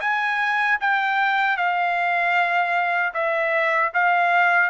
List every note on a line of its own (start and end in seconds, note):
0.00 0.78 G#5
0.80 1.57 G5
1.57 3.13 F5
3.13 3.91 E5
3.94 4.70 F5